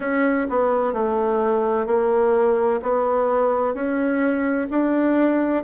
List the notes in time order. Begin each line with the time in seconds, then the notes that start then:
0.00 C#4
0.49 B3
0.93 A3
1.86 A#3
2.82 B3
3.74 C#4
4.70 D4